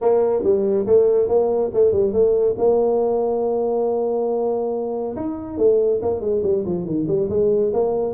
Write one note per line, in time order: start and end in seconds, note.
0.01 0.43 A#3
0.43 0.86 G3
0.86 1.28 A3
1.28 1.71 A#3
1.73 1.92 A3
1.92 2.12 G3
2.12 2.55 A3
2.58 5.15 A#3
5.15 5.57 D#4
5.57 6.00 A3
6.02 6.20 A#3
6.20 6.42 G#3
6.42 6.64 G3
6.65 6.85 F3
6.85 7.06 D#3
7.07 7.29 G3
7.29 7.72 G#3
7.73 8.14 A#3